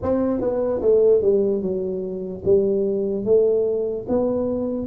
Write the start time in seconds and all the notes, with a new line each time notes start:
0.02 C4
0.41 B3
0.81 A3
1.21 G3
1.61 F#3
2.44 G3
3.24 A3
4.08 B3